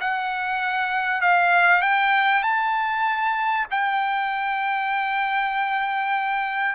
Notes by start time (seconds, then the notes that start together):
0.00 F#5
1.21 F5
1.81 G5
2.42 A5
3.71 G5